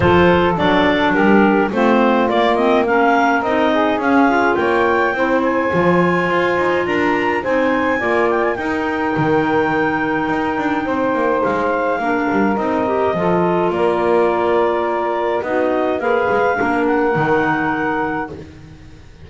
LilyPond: <<
  \new Staff \with { instrumentName = "clarinet" } { \time 4/4 \tempo 4 = 105 c''4 d''4 ais'4 c''4 | d''8 dis''8 f''4 dis''4 f''4 | g''4. gis''2~ gis''8 | ais''4 gis''4. g''16 gis''16 g''4~ |
g''1 | f''2 dis''2 | d''2. dis''4 | f''4. fis''2~ fis''8 | }
  \new Staff \with { instrumentName = "saxophone" } { \time 4/4 a'2 g'4 f'4~ | f'4 ais'4. gis'4. | cis''4 c''2. | ais'4 c''4 d''4 ais'4~ |
ais'2. c''4~ | c''4 ais'2 a'4 | ais'2. fis'4 | b'4 ais'2. | }
  \new Staff \with { instrumentName = "clarinet" } { \time 4/4 f'4 d'2 c'4 | ais8 c'8 cis'4 dis'4 cis'8 f'8~ | f'4 e'4 f'2~ | f'4 dis'4 f'4 dis'4~ |
dis'1~ | dis'4 d'4 dis'8 g'8 f'4~ | f'2. dis'4 | gis'4 d'4 dis'2 | }
  \new Staff \with { instrumentName = "double bass" } { \time 4/4 f4 fis4 g4 a4 | ais2 c'4 cis'4 | ais4 c'4 f4 f'8 dis'8 | d'4 c'4 ais4 dis'4 |
dis2 dis'8 d'8 c'8 ais8 | gis4 ais8 g8 c'4 f4 | ais2. b4 | ais8 gis8 ais4 dis2 | }
>>